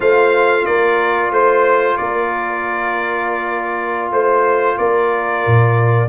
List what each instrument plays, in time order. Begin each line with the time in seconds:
0.00 tuba A3, trombone F4, horn C5, trumpet F5
0.65 tuba A#3, horn A#4, trumpet D5
1.31 tuba A3, horn C5, trumpet C5
1.97 tuba A#3, horn A#4, trumpet D5
4.11 tuba A3, trumpet C5, horn C5
4.77 tuba A#3, horn A#4, trumpet D5
5.46 tuba A#2